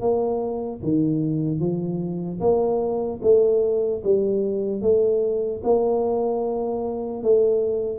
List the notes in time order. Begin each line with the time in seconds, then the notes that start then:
0.00 A#3
0.83 D#3
1.60 F3
2.40 A#3
3.22 A3
4.04 G3
4.81 A3
5.64 A#3
7.23 A3